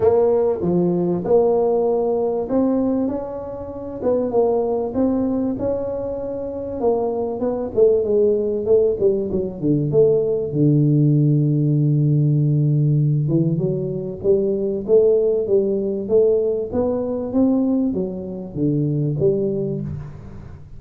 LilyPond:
\new Staff \with { instrumentName = "tuba" } { \time 4/4 \tempo 4 = 97 ais4 f4 ais2 | c'4 cis'4. b8 ais4 | c'4 cis'2 ais4 | b8 a8 gis4 a8 g8 fis8 d8 |
a4 d2.~ | d4. e8 fis4 g4 | a4 g4 a4 b4 | c'4 fis4 d4 g4 | }